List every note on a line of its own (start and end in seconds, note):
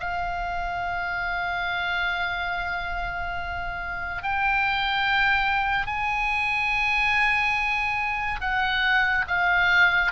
0.00 4.23 F5
4.23 5.86 G5
5.86 8.40 G#5
8.40 9.25 F#5
9.27 10.12 F5